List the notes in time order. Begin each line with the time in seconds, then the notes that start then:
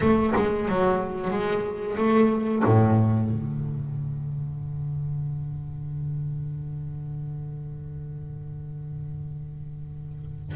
0.00 A3
0.35 G#3
0.68 F#3
1.30 G#3
1.97 A3
2.65 A2
3.30 D3